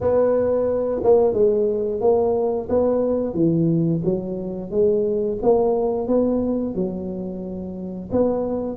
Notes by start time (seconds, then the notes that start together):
0.01 B3
1.03 A#3
1.33 G#3
2.00 A#3
2.69 B3
3.34 E3
4.04 F#3
4.70 G#3
5.42 A#3
6.07 B3
6.74 F#3
8.11 B3